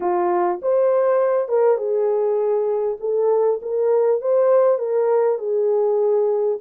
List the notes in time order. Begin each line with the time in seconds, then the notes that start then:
0.00 F4
0.62 C5
1.48 A#4
1.77 G#4
3.00 A4
3.62 A#4
4.21 C5
4.78 A#4
5.38 G#4